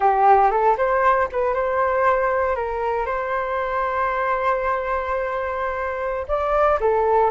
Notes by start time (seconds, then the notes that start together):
0.00 G4
0.50 A4
0.77 C5
1.32 B4
1.53 C5
2.55 A#4
3.06 C5
6.28 D5
6.80 A4